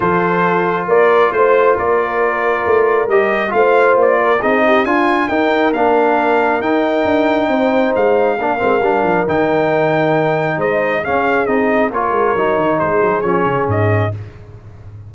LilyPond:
<<
  \new Staff \with { instrumentName = "trumpet" } { \time 4/4 \tempo 4 = 136 c''2 d''4 c''4 | d''2. dis''4 | f''4 d''4 dis''4 gis''4 | g''4 f''2 g''4~ |
g''2 f''2~ | f''4 g''2. | dis''4 f''4 dis''4 cis''4~ | cis''4 c''4 cis''4 dis''4 | }
  \new Staff \with { instrumentName = "horn" } { \time 4/4 a'2 ais'4 c''4 | ais'1 | c''4. ais'8 gis'8 g'8 f'4 | ais'1~ |
ais'4 c''2 ais'4~ | ais'1 | c''4 gis'2 ais'4~ | ais'4 gis'2. | }
  \new Staff \with { instrumentName = "trombone" } { \time 4/4 f'1~ | f'2. g'4 | f'2 dis'4 f'4 | dis'4 d'2 dis'4~ |
dis'2. d'8 c'8 | d'4 dis'2.~ | dis'4 cis'4 dis'4 f'4 | dis'2 cis'2 | }
  \new Staff \with { instrumentName = "tuba" } { \time 4/4 f2 ais4 a4 | ais2 a4 g4 | a4 ais4 c'4 d'4 | dis'4 ais2 dis'4 |
d'4 c'4 gis4 ais8 gis8 | g8 f8 dis2. | gis4 cis'4 c'4 ais8 gis8 | fis8 dis8 gis8 fis8 f8 cis8 gis,4 | }
>>